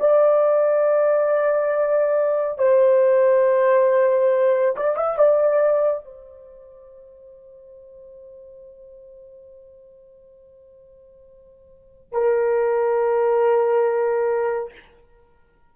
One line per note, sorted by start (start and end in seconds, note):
0.00 2.58 D5
2.58 4.75 C5
4.76 4.96 D5
4.96 5.18 E5
5.18 6.05 D5
6.05 12.12 C5
12.12 14.73 A#4